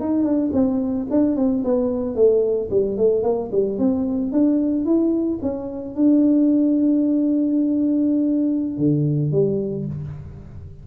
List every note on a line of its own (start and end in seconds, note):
0.00 0.23 D#4
0.23 0.50 D4
0.53 1.07 C4
1.11 1.36 D4
1.36 1.63 C4
1.64 2.15 B3
2.15 2.69 A3
2.70 2.97 G3
2.97 3.23 A3
3.23 3.50 A#3
3.52 3.79 G3
3.79 4.32 C4
4.32 4.85 D4
4.85 5.39 E4
5.42 5.95 C#4
5.95 8.78 D4
8.78 9.32 D3
9.32 9.86 G3